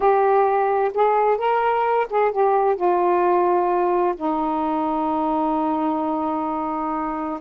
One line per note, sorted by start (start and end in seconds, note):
0.00 0.91 G4
0.94 1.37 G#4
1.37 2.06 A#4
2.10 2.31 G#4
2.31 2.76 G4
2.76 4.14 F4
4.16 7.39 D#4